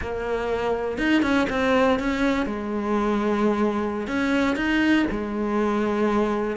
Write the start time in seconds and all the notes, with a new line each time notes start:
0.01 A#3
0.97 D#4
1.22 C#4
1.49 C4
1.99 C#4
2.46 G#3
4.07 C#4
4.56 D#4
5.10 G#3